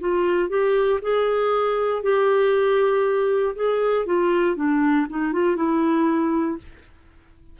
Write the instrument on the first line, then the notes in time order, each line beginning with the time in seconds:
clarinet
0.00 F4
0.49 G4
1.02 G#4
2.02 G4
3.55 G#4
4.05 F4
4.56 D4
5.09 D#4
5.33 F4
5.56 E4